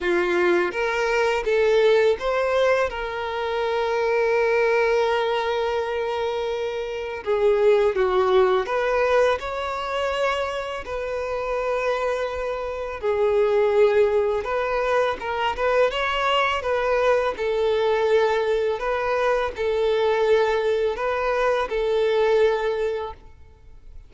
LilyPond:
\new Staff \with { instrumentName = "violin" } { \time 4/4 \tempo 4 = 83 f'4 ais'4 a'4 c''4 | ais'1~ | ais'2 gis'4 fis'4 | b'4 cis''2 b'4~ |
b'2 gis'2 | b'4 ais'8 b'8 cis''4 b'4 | a'2 b'4 a'4~ | a'4 b'4 a'2 | }